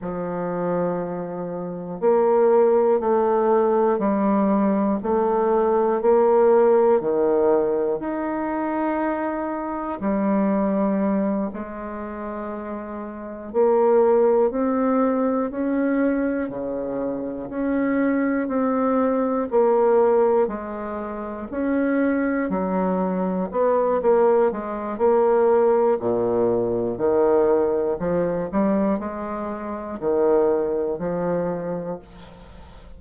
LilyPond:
\new Staff \with { instrumentName = "bassoon" } { \time 4/4 \tempo 4 = 60 f2 ais4 a4 | g4 a4 ais4 dis4 | dis'2 g4. gis8~ | gis4. ais4 c'4 cis'8~ |
cis'8 cis4 cis'4 c'4 ais8~ | ais8 gis4 cis'4 fis4 b8 | ais8 gis8 ais4 ais,4 dis4 | f8 g8 gis4 dis4 f4 | }